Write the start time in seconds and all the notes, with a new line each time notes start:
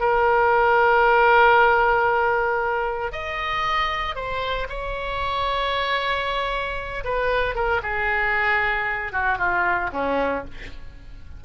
0.00 A#4
3.12 D#5
4.15 C5
4.69 C#5
7.04 B4
7.55 A#4
7.83 G#4
9.12 F#4
9.38 F4
9.92 C#4